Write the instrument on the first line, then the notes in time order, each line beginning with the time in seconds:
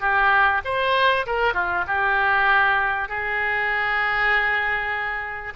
oboe
0.00 G4
0.64 C5
1.26 A#4
1.54 F4
1.87 G4
3.08 G#4